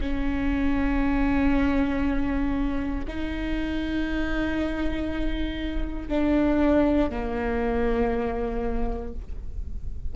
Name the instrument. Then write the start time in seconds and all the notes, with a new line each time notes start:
viola
0.00 C#4
3.07 D#4
6.08 D4
7.10 A#3